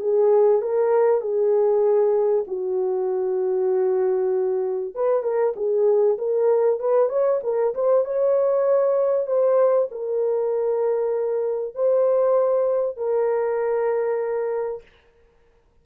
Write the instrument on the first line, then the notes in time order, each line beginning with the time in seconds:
horn
0.00 G#4
0.61 A#4
1.21 G#4
2.47 F#4
4.95 B4
5.23 A#4
5.56 G#4
6.18 A#4
6.80 B4
7.09 C#5
7.43 A#4
7.74 C5
8.05 C#5
9.27 C5
9.91 A#4
11.75 C5
12.97 A#4